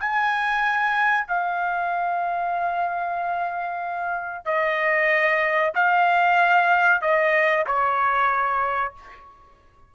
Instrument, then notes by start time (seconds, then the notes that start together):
trumpet
0.00 G#5
1.28 F5
4.45 D#5
5.75 F5
7.02 D#5
7.67 C#5